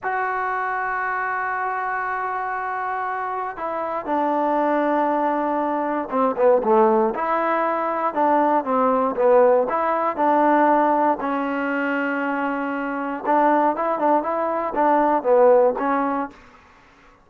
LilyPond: \new Staff \with { instrumentName = "trombone" } { \time 4/4 \tempo 4 = 118 fis'1~ | fis'2. e'4 | d'1 | c'8 b8 a4 e'2 |
d'4 c'4 b4 e'4 | d'2 cis'2~ | cis'2 d'4 e'8 d'8 | e'4 d'4 b4 cis'4 | }